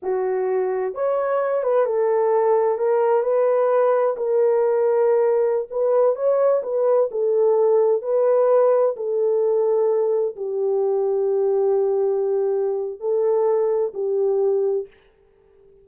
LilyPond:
\new Staff \with { instrumentName = "horn" } { \time 4/4 \tempo 4 = 129 fis'2 cis''4. b'8 | a'2 ais'4 b'4~ | b'4 ais'2.~ | ais'16 b'4 cis''4 b'4 a'8.~ |
a'4~ a'16 b'2 a'8.~ | a'2~ a'16 g'4.~ g'16~ | g'1 | a'2 g'2 | }